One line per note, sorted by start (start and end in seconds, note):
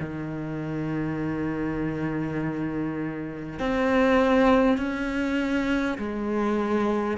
0.00 3.59 D#3
3.59 4.78 C4
4.78 5.98 C#4
5.98 7.18 G#3